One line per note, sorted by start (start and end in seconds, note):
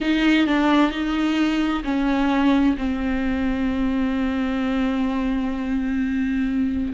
0.01 0.46 D#4
0.46 0.91 D4
0.91 1.83 D#4
1.84 2.76 C#4
2.77 6.93 C4